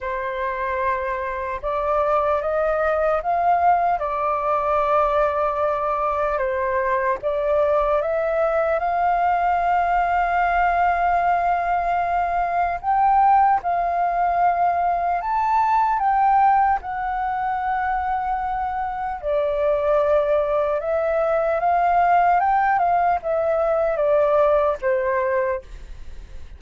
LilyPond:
\new Staff \with { instrumentName = "flute" } { \time 4/4 \tempo 4 = 75 c''2 d''4 dis''4 | f''4 d''2. | c''4 d''4 e''4 f''4~ | f''1 |
g''4 f''2 a''4 | g''4 fis''2. | d''2 e''4 f''4 | g''8 f''8 e''4 d''4 c''4 | }